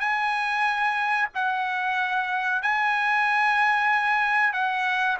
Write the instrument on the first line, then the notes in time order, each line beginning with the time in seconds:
trumpet
0.00 G#5
1.35 F#5
2.63 G#5
4.53 F#5